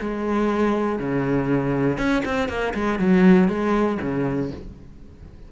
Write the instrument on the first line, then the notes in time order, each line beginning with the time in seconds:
cello
0.00 G#3
0.99 C#3
1.97 C#4
2.25 C4
2.48 A#3
2.74 G#3
2.99 F#3
3.48 G#3
4.01 C#3